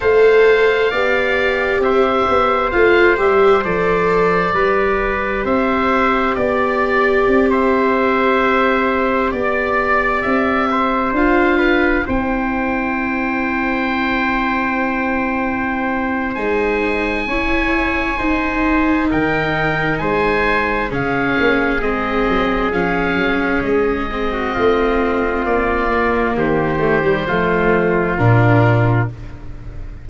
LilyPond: <<
  \new Staff \with { instrumentName = "oboe" } { \time 4/4 \tempo 4 = 66 f''2 e''4 f''8 e''8 | d''2 e''4 d''4~ | d''16 e''2 d''4 e''8.~ | e''16 f''4 g''2~ g''8.~ |
g''2 gis''2~ | gis''4 g''4 gis''4 f''4 | dis''4 f''4 dis''2 | d''4 c''2 ais'4 | }
  \new Staff \with { instrumentName = "trumpet" } { \time 4/4 c''4 d''4 c''2~ | c''4 b'4 c''4 d''4~ | d''16 c''2 d''4. c''16~ | c''8. b'8 c''2~ c''8.~ |
c''2. cis''4 | c''4 ais'4 c''4 gis'4~ | gis'2~ gis'8. fis'16 f'4~ | f'4 g'4 f'2 | }
  \new Staff \with { instrumentName = "viola" } { \time 4/4 a'4 g'2 f'8 g'8 | a'4 g'2.~ | g'1~ | g'16 f'4 e'2~ e'8.~ |
e'2 dis'4 e'4 | dis'2. cis'4 | c'4 cis'4. c'4.~ | c'8 ais4 a16 g16 a4 d'4 | }
  \new Staff \with { instrumentName = "tuba" } { \time 4/4 a4 b4 c'8 b8 a8 g8 | f4 g4 c'4 b4 | c'2~ c'16 b4 c'8.~ | c'16 d'4 c'2~ c'8.~ |
c'2 gis4 cis'4 | dis'4 dis4 gis4 cis8 ais8 | gis8 fis8 f8 fis8 gis4 a4 | ais4 dis4 f4 ais,4 | }
>>